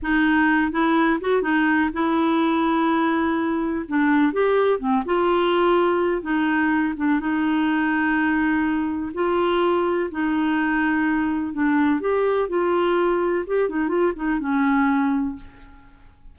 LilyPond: \new Staff \with { instrumentName = "clarinet" } { \time 4/4 \tempo 4 = 125 dis'4. e'4 fis'8 dis'4 | e'1 | d'4 g'4 c'8 f'4.~ | f'4 dis'4. d'8 dis'4~ |
dis'2. f'4~ | f'4 dis'2. | d'4 g'4 f'2 | g'8 dis'8 f'8 dis'8 cis'2 | }